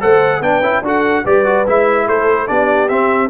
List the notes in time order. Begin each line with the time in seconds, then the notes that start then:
0.00 A3 A4 C5 F#5
0.41 B3 D4 B4 G5
0.61 C#4 E4
0.82 D4 F#4 A4 F#5
1.24 G3 G4 B4 D5
1.45 F#4
1.66 G#3 E4 E5
2.07 A3 A4 C5
2.47 B3 D4 G4 D5
2.88 C4 E5